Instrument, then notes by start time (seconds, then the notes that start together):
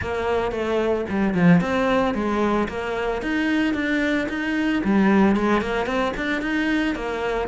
cello
0.01 A#3
0.51 A3
1.09 G3
1.34 F3
1.60 C4
2.14 G#3
2.68 A#3
3.21 D#4
3.74 D4
4.29 D#4
4.84 G3
5.35 G#3
5.61 A#3
5.85 C4
6.16 D4
6.41 D#4
6.95 A#3